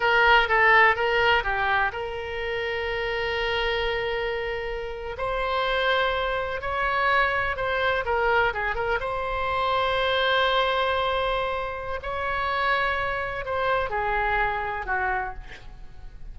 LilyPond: \new Staff \with { instrumentName = "oboe" } { \time 4/4 \tempo 4 = 125 ais'4 a'4 ais'4 g'4 | ais'1~ | ais'2~ ais'8. c''4~ c''16~ | c''4.~ c''16 cis''2 c''16~ |
c''8. ais'4 gis'8 ais'8 c''4~ c''16~ | c''1~ | c''4 cis''2. | c''4 gis'2 fis'4 | }